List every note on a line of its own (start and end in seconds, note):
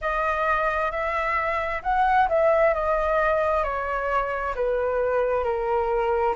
0.01 0.91 D#5
0.91 1.82 E5
1.82 2.28 F#5
2.29 2.74 E5
2.74 3.63 D#5
3.63 4.54 C#5
4.55 5.43 B4
5.43 6.34 A#4